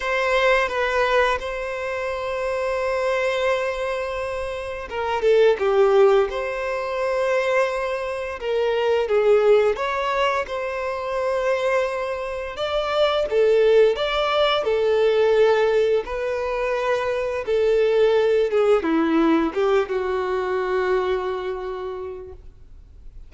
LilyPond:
\new Staff \with { instrumentName = "violin" } { \time 4/4 \tempo 4 = 86 c''4 b'4 c''2~ | c''2. ais'8 a'8 | g'4 c''2. | ais'4 gis'4 cis''4 c''4~ |
c''2 d''4 a'4 | d''4 a'2 b'4~ | b'4 a'4. gis'8 e'4 | g'8 fis'2.~ fis'8 | }